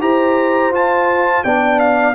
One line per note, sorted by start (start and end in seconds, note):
0.00 0.71 E4
0.00 0.72 G4
0.00 1.45 C5
0.00 0.74 A#5
0.71 1.43 F4
0.71 1.45 F4
0.71 1.44 A5
1.44 2.15 B3
1.44 2.15 D4
1.44 2.15 D5
1.44 1.80 G5
1.80 2.15 F5